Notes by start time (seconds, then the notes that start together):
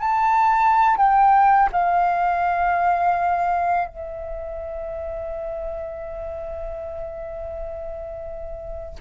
0.00 A5
0.97 G5
1.72 F5
3.88 E5